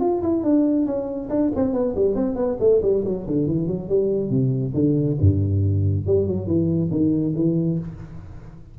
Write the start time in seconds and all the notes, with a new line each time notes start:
0.00 F4
0.22 E4
0.43 D4
0.86 C#4
1.29 D4
1.55 C4
1.73 B3
1.95 G3
2.15 C4
2.35 B3
2.59 A3
2.82 G3
3.05 F#3
3.26 D3
3.47 E3
3.67 F#3
3.88 G3
4.30 C3
4.73 D3
5.20 G2
6.06 G3
6.26 F#3
6.47 E3
6.90 D#3
7.35 E3